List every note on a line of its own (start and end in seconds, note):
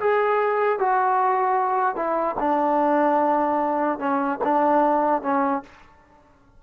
0.00 0.79 G#4
0.79 1.96 F#4
1.96 2.36 E4
2.40 3.99 D4
3.99 4.39 C#4
4.44 5.23 D4
5.23 5.63 C#4